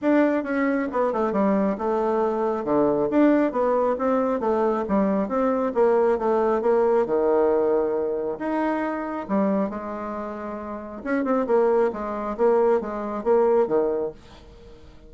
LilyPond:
\new Staff \with { instrumentName = "bassoon" } { \time 4/4 \tempo 4 = 136 d'4 cis'4 b8 a8 g4 | a2 d4 d'4 | b4 c'4 a4 g4 | c'4 ais4 a4 ais4 |
dis2. dis'4~ | dis'4 g4 gis2~ | gis4 cis'8 c'8 ais4 gis4 | ais4 gis4 ais4 dis4 | }